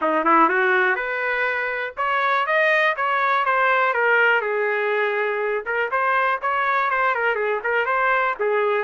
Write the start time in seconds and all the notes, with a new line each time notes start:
0.01 D#4
0.25 E4
0.49 F#4
0.95 B4
1.97 C#5
2.46 D#5
2.96 C#5
3.45 C5
3.93 A#4
4.41 G#4
5.65 A#4
5.91 C5
6.41 C#5
6.90 C5
7.14 A#4
7.35 G#4
7.63 A#4
7.85 C5
8.39 G#4